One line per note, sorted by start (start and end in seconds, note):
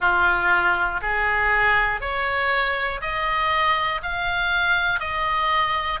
0.00 1.00 F4
1.01 2.00 G#4
2.00 3.00 C#5
3.00 4.00 D#5
4.02 5.00 F5
5.00 6.00 D#5